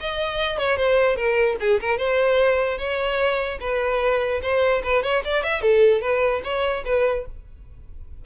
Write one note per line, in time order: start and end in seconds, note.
0.00 0.58 D#5
0.58 0.77 C#5
0.77 1.16 C5
1.16 1.56 A#4
1.60 1.80 G#4
1.80 1.97 A#4
1.97 2.78 C5
2.78 3.58 C#5
3.60 4.41 B4
4.42 4.82 C5
4.83 5.03 B4
5.03 5.23 C#5
5.24 5.43 D5
5.43 5.61 E5
5.61 6.01 A4
6.01 6.42 B4
6.43 6.84 C#5
6.85 7.25 B4